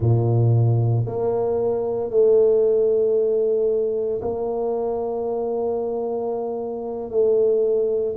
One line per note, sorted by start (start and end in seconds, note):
0.00 1.05 A#2
1.06 2.10 A#3
2.10 4.20 A3
4.21 7.10 A#3
7.10 8.15 A3